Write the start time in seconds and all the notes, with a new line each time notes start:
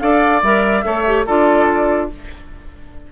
0.00 D4 A4 D5 F5
0.43 G3 A#4 E5
0.83 A3 A4 C#5
1.06 G4
1.26 D4 F4 A4 D5